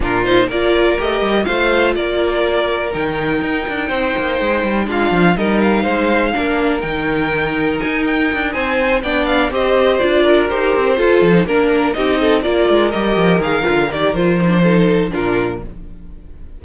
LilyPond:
<<
  \new Staff \with { instrumentName = "violin" } { \time 4/4 \tempo 4 = 123 ais'8 c''8 d''4 dis''4 f''4 | d''2 g''2~ | g''2 f''4 dis''8 f''8~ | f''2 g''2 |
gis''8 g''4 gis''4 g''8 f''8 dis''8~ | dis''8 d''4 c''2 ais'8~ | ais'8 dis''4 d''4 dis''4 f''8~ | f''8 d''8 c''2 ais'4 | }
  \new Staff \with { instrumentName = "violin" } { \time 4/4 f'4 ais'2 c''4 | ais'1 | c''2 f'4 ais'4 | c''4 ais'2.~ |
ais'4. c''4 d''4 c''8~ | c''4 ais'4. a'4 ais'8~ | ais'8 g'8 a'8 ais'2~ ais'8~ | ais'2 a'4 f'4 | }
  \new Staff \with { instrumentName = "viola" } { \time 4/4 d'8 dis'8 f'4 g'4 f'4~ | f'2 dis'2~ | dis'2 d'4 dis'4~ | dis'4 d'4 dis'2~ |
dis'2~ dis'8 d'4 g'8~ | g'8 f'4 g'4 f'8. dis'16 d'8~ | d'8 dis'4 f'4 g'4 gis'8 | f'8 g'8 f'8 dis'16 d'16 dis'4 d'4 | }
  \new Staff \with { instrumentName = "cello" } { \time 4/4 ais,4 ais4 a8 g8 a4 | ais2 dis4 dis'8 d'8 | c'8 ais8 gis8 g8 gis8 f8 g4 | gis4 ais4 dis2 |
dis'4 d'8 c'4 b4 c'8~ | c'8 d'4 dis'8 c'8 f'8 f8 ais8~ | ais8 c'4 ais8 gis8 g8 f8 dis8 | d8 dis8 f2 ais,4 | }
>>